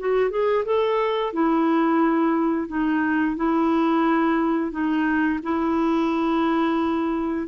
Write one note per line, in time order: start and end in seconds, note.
0.00 0.31 F#4
0.31 0.65 G#4
0.65 1.34 A4
1.34 2.68 E4
2.68 3.37 D#4
3.37 4.72 E4
4.72 5.40 D#4
5.43 7.48 E4